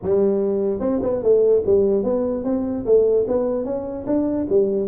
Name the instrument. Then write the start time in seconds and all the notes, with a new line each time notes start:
tuba
0.02 G3
0.80 C4
1.02 B3
1.22 A3
1.65 G3
2.03 B3
2.44 C4
2.85 A3
3.27 B3
3.64 C#4
4.06 D4
4.49 G3